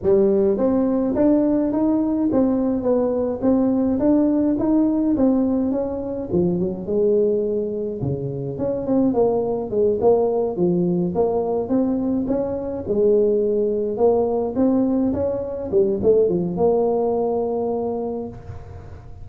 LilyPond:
\new Staff \with { instrumentName = "tuba" } { \time 4/4 \tempo 4 = 105 g4 c'4 d'4 dis'4 | c'4 b4 c'4 d'4 | dis'4 c'4 cis'4 f8 fis8 | gis2 cis4 cis'8 c'8 |
ais4 gis8 ais4 f4 ais8~ | ais8 c'4 cis'4 gis4.~ | gis8 ais4 c'4 cis'4 g8 | a8 f8 ais2. | }